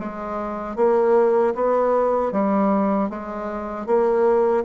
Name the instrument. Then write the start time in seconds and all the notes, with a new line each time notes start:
bassoon
0.00 G#3
0.76 A#3
1.55 B3
2.32 G3
3.10 G#3
3.87 A#3